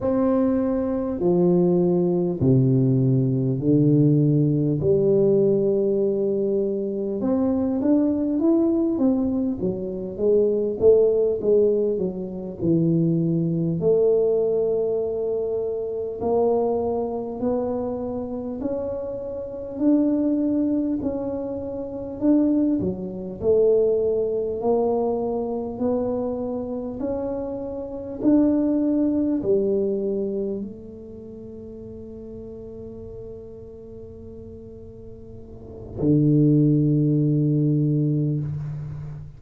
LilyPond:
\new Staff \with { instrumentName = "tuba" } { \time 4/4 \tempo 4 = 50 c'4 f4 c4 d4 | g2 c'8 d'8 e'8 c'8 | fis8 gis8 a8 gis8 fis8 e4 a8~ | a4. ais4 b4 cis'8~ |
cis'8 d'4 cis'4 d'8 fis8 a8~ | a8 ais4 b4 cis'4 d'8~ | d'8 g4 a2~ a8~ | a2 d2 | }